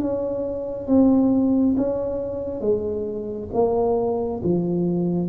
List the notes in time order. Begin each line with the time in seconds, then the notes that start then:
0.00 C#4
0.87 C4
1.77 C#4
2.61 G#3
3.53 A#3
4.43 F3